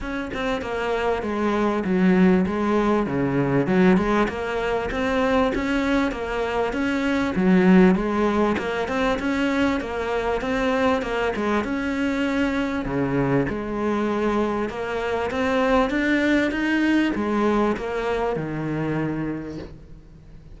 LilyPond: \new Staff \with { instrumentName = "cello" } { \time 4/4 \tempo 4 = 98 cis'8 c'8 ais4 gis4 fis4 | gis4 cis4 fis8 gis8 ais4 | c'4 cis'4 ais4 cis'4 | fis4 gis4 ais8 c'8 cis'4 |
ais4 c'4 ais8 gis8 cis'4~ | cis'4 cis4 gis2 | ais4 c'4 d'4 dis'4 | gis4 ais4 dis2 | }